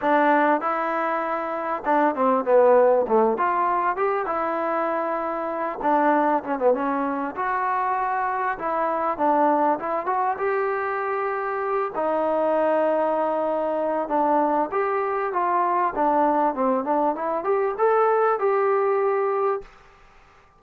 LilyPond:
\new Staff \with { instrumentName = "trombone" } { \time 4/4 \tempo 4 = 98 d'4 e'2 d'8 c'8 | b4 a8 f'4 g'8 e'4~ | e'4. d'4 cis'16 b16 cis'4 | fis'2 e'4 d'4 |
e'8 fis'8 g'2~ g'8 dis'8~ | dis'2. d'4 | g'4 f'4 d'4 c'8 d'8 | e'8 g'8 a'4 g'2 | }